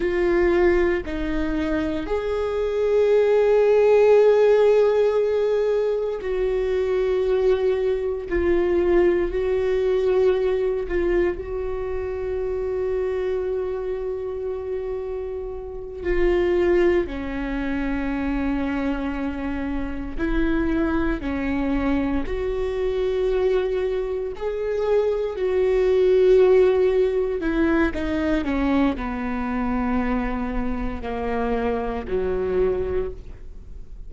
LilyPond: \new Staff \with { instrumentName = "viola" } { \time 4/4 \tempo 4 = 58 f'4 dis'4 gis'2~ | gis'2 fis'2 | f'4 fis'4. f'8 fis'4~ | fis'2.~ fis'8 f'8~ |
f'8 cis'2. e'8~ | e'8 cis'4 fis'2 gis'8~ | gis'8 fis'2 e'8 dis'8 cis'8 | b2 ais4 fis4 | }